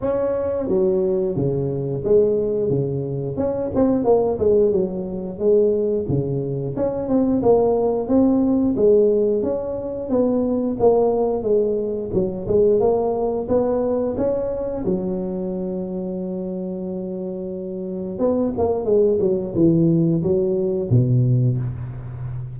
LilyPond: \new Staff \with { instrumentName = "tuba" } { \time 4/4 \tempo 4 = 89 cis'4 fis4 cis4 gis4 | cis4 cis'8 c'8 ais8 gis8 fis4 | gis4 cis4 cis'8 c'8 ais4 | c'4 gis4 cis'4 b4 |
ais4 gis4 fis8 gis8 ais4 | b4 cis'4 fis2~ | fis2. b8 ais8 | gis8 fis8 e4 fis4 b,4 | }